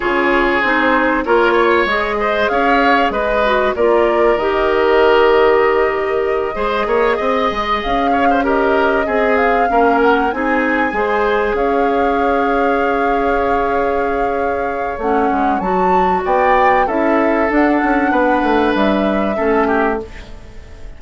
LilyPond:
<<
  \new Staff \with { instrumentName = "flute" } { \time 4/4 \tempo 4 = 96 cis''4 c''4 cis''4 dis''4 | f''4 dis''4 d''4 dis''4~ | dis''1~ | dis''8 f''4 dis''4. f''4 |
fis''8 gis''2 f''4.~ | f''1 | fis''4 a''4 g''4 e''4 | fis''2 e''2 | }
  \new Staff \with { instrumentName = "oboe" } { \time 4/4 gis'2 ais'8 cis''4 c''8 | cis''4 b'4 ais'2~ | ais'2~ ais'8 c''8 cis''8 dis''8~ | dis''4 cis''16 c''16 ais'4 gis'4 ais'8~ |
ais'8 gis'4 c''4 cis''4.~ | cis''1~ | cis''2 d''4 a'4~ | a'4 b'2 a'8 g'8 | }
  \new Staff \with { instrumentName = "clarinet" } { \time 4/4 f'4 dis'4 f'4 gis'4~ | gis'4. fis'8 f'4 g'4~ | g'2~ g'8 gis'4.~ | gis'4. g'4 gis'4 cis'8~ |
cis'8 dis'4 gis'2~ gis'8~ | gis'1 | cis'4 fis'2 e'4 | d'2. cis'4 | }
  \new Staff \with { instrumentName = "bassoon" } { \time 4/4 cis4 c'4 ais4 gis4 | cis'4 gis4 ais4 dis4~ | dis2~ dis8 gis8 ais8 c'8 | gis8 cis'2 c'4 ais8~ |
ais8 c'4 gis4 cis'4.~ | cis'1 | a8 gis8 fis4 b4 cis'4 | d'8 cis'8 b8 a8 g4 a4 | }
>>